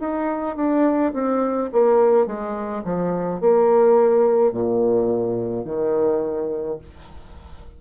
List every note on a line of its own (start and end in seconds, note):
0.00 0.56 D#4
0.56 1.13 D4
1.13 1.70 C4
1.72 2.26 A#3
2.26 2.83 G#3
2.85 3.41 F3
3.41 4.52 A#3
4.52 5.65 A#2
5.65 6.78 D#3